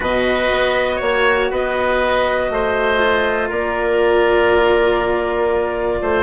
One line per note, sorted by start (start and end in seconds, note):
0.00 0.50 B2
0.00 2.99 F#4
0.00 0.95 B4
0.00 1.02 D#5
0.50 1.00 B3
0.95 1.51 A#3
0.95 1.45 C#5
1.02 1.52 C#5
1.50 2.49 B3
1.50 2.50 B4
1.50 3.50 D#5
2.49 3.49 A3
2.49 3.49 C5
2.99 6.23 F4
3.49 6.00 A#3
3.49 5.99 A#4
3.49 6.23 D5
6.01 6.23 A3
6.01 6.23 C5